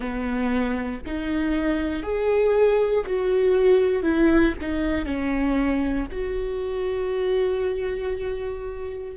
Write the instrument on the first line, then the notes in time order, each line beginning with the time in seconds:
viola
0.00 B3
1.05 D#4
2.02 G#4
3.06 F#4
4.03 E4
4.60 D#4
5.05 C#4
6.11 F#4